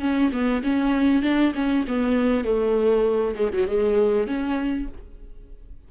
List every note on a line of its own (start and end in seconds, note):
0.00 0.30 C#4
0.32 0.62 B3
0.63 1.22 C#4
1.22 1.53 D4
1.55 1.85 C#4
1.88 2.44 B3
2.44 3.35 A3
3.36 3.51 G#3
3.53 3.67 F#3
3.67 4.27 G#3
4.27 4.88 C#4